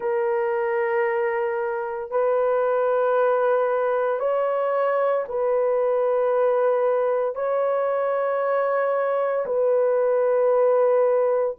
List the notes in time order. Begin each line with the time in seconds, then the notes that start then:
0.00 A#4
2.11 B4
4.19 C#5
5.28 B4
7.34 C#5
9.45 B4